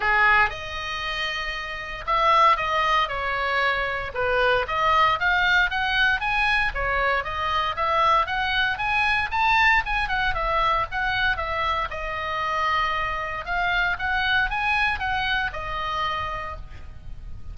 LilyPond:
\new Staff \with { instrumentName = "oboe" } { \time 4/4 \tempo 4 = 116 gis'4 dis''2. | e''4 dis''4 cis''2 | b'4 dis''4 f''4 fis''4 | gis''4 cis''4 dis''4 e''4 |
fis''4 gis''4 a''4 gis''8 fis''8 | e''4 fis''4 e''4 dis''4~ | dis''2 f''4 fis''4 | gis''4 fis''4 dis''2 | }